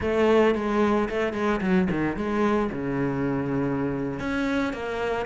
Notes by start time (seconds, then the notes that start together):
0.00 A3
0.54 G#3
1.09 A3
1.33 G#3
1.61 F#3
1.90 D#3
2.16 G#3
2.71 C#3
4.19 C#4
4.73 A#3